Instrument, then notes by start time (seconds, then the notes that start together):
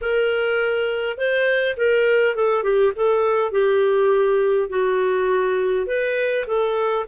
clarinet
0.01 A#4
1.17 C5
1.76 A#4
2.35 A4
2.63 G4
2.95 A4
3.51 G4
4.69 F#4
5.86 B4
6.47 A4